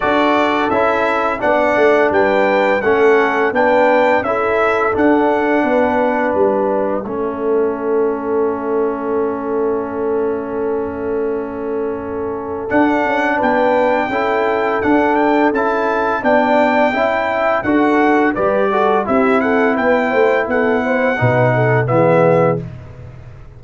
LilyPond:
<<
  \new Staff \with { instrumentName = "trumpet" } { \time 4/4 \tempo 4 = 85 d''4 e''4 fis''4 g''4 | fis''4 g''4 e''4 fis''4~ | fis''4 e''2.~ | e''1~ |
e''2 fis''4 g''4~ | g''4 fis''8 g''8 a''4 g''4~ | g''4 fis''4 d''4 e''8 fis''8 | g''4 fis''2 e''4 | }
  \new Staff \with { instrumentName = "horn" } { \time 4/4 a'2 d''4 b'4 | a'4 b'4 a'2 | b'2 a'2~ | a'1~ |
a'2. b'4 | a'2. d''4 | e''4 a'4 b'8 a'8 g'8 a'8 | b'8 c''8 a'8 c''8 b'8 a'8 gis'4 | }
  \new Staff \with { instrumentName = "trombone" } { \time 4/4 fis'4 e'4 d'2 | cis'4 d'4 e'4 d'4~ | d'2 cis'2~ | cis'1~ |
cis'2 d'2 | e'4 d'4 e'4 d'4 | e'4 fis'4 g'8 fis'8 e'4~ | e'2 dis'4 b4 | }
  \new Staff \with { instrumentName = "tuba" } { \time 4/4 d'4 cis'4 b8 a8 g4 | a4 b4 cis'4 d'4 | b4 g4 a2~ | a1~ |
a2 d'8 cis'8 b4 | cis'4 d'4 cis'4 b4 | cis'4 d'4 g4 c'4 | b8 a8 b4 b,4 e4 | }
>>